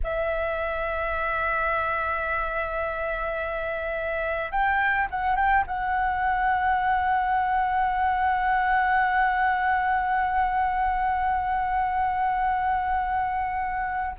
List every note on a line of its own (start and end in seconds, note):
0.03 4.51 E5
4.51 5.08 G5
5.10 5.36 F#5
5.36 5.64 G5
5.66 14.15 F#5